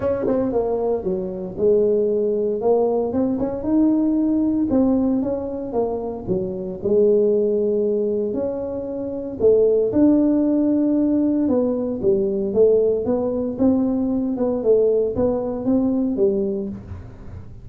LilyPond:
\new Staff \with { instrumentName = "tuba" } { \time 4/4 \tempo 4 = 115 cis'8 c'8 ais4 fis4 gis4~ | gis4 ais4 c'8 cis'8 dis'4~ | dis'4 c'4 cis'4 ais4 | fis4 gis2. |
cis'2 a4 d'4~ | d'2 b4 g4 | a4 b4 c'4. b8 | a4 b4 c'4 g4 | }